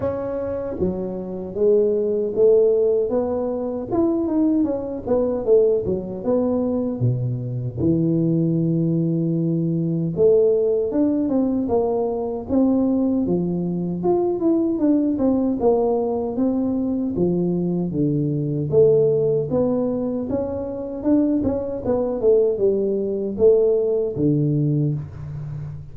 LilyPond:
\new Staff \with { instrumentName = "tuba" } { \time 4/4 \tempo 4 = 77 cis'4 fis4 gis4 a4 | b4 e'8 dis'8 cis'8 b8 a8 fis8 | b4 b,4 e2~ | e4 a4 d'8 c'8 ais4 |
c'4 f4 f'8 e'8 d'8 c'8 | ais4 c'4 f4 d4 | a4 b4 cis'4 d'8 cis'8 | b8 a8 g4 a4 d4 | }